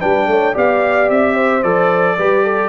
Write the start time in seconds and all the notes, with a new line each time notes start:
0.00 G3 D4 B4 G5
0.27 A3 C#5
0.54 B3 G4 D5 F5
1.10 C4 E5
1.34 C5
1.63 F3 A4 D5
2.18 G3 G4 B4
2.44 A4